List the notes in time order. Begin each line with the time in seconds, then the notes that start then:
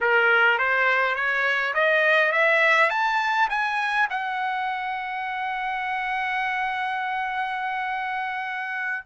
0.00 A#4
0.58 C5
1.15 C#5
1.74 D#5
2.32 E5
2.90 A5
3.49 G#5
4.10 F#5